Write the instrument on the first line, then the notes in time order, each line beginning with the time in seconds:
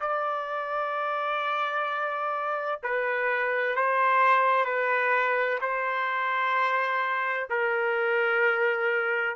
trumpet
0.00 D5
2.83 B4
3.75 C5
4.65 B4
5.61 C5
7.50 A#4